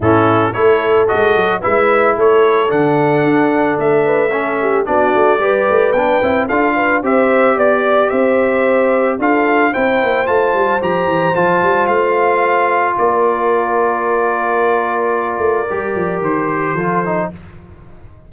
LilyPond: <<
  \new Staff \with { instrumentName = "trumpet" } { \time 4/4 \tempo 4 = 111 a'4 cis''4 dis''4 e''4 | cis''4 fis''2 e''4~ | e''4 d''2 g''4 | f''4 e''4 d''4 e''4~ |
e''4 f''4 g''4 a''4 | ais''4 a''4 f''2 | d''1~ | d''2 c''2 | }
  \new Staff \with { instrumentName = "horn" } { \time 4/4 e'4 a'2 b'4 | a'2.~ a'8 b'8 | a'8 g'8 fis'4 b'2 | a'8 b'8 c''4 d''4 c''4~ |
c''4 a'4 c''2~ | c''1 | ais'1~ | ais'2. a'4 | }
  \new Staff \with { instrumentName = "trombone" } { \time 4/4 cis'4 e'4 fis'4 e'4~ | e'4 d'2. | cis'4 d'4 g'4 d'8 e'8 | f'4 g'2.~ |
g'4 f'4 e'4 f'4 | g'4 f'2.~ | f'1~ | f'4 g'2 f'8 dis'8 | }
  \new Staff \with { instrumentName = "tuba" } { \time 4/4 a,4 a4 gis8 fis8 gis4 | a4 d4 d'4 a4~ | a4 b8 a8 g8 a8 b8 c'8 | d'4 c'4 b4 c'4~ |
c'4 d'4 c'8 ais8 a8 g8 | f8 e8 f8 g8 a2 | ais1~ | ais8 a8 g8 f8 dis4 f4 | }
>>